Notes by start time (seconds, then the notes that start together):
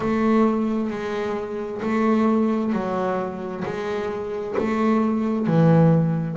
0.00 A3
0.90 G#3
1.81 A3
2.72 F#3
3.64 G#3
4.58 A3
5.46 E3